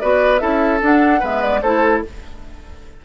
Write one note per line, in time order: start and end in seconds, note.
0.00 0.41 B3
0.00 0.39 F#4
0.00 0.41 B4
0.00 0.39 D5
0.39 0.81 C#4
0.39 0.80 E4
0.39 1.20 A4
0.39 0.79 E5
0.81 1.21 D4
0.81 1.22 D4
0.81 1.24 F#5
1.20 1.62 G#3
1.20 1.62 B3
1.20 1.60 B4
1.20 1.42 E5
1.42 1.62 D5
1.62 2.03 A3
1.62 2.05 E4
1.62 2.03 A4
1.62 2.02 C5